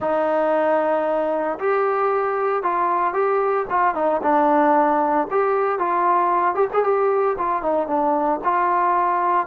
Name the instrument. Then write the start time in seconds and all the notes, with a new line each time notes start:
trombone
0.00 D#4
1.59 G4
2.62 F4
3.13 G4
3.70 F4
3.94 D#4
4.22 D4
5.30 G4
5.78 F4
6.54 G4
6.73 G#4
6.84 G4
7.38 F4
7.62 D#4
7.87 D4
8.43 F4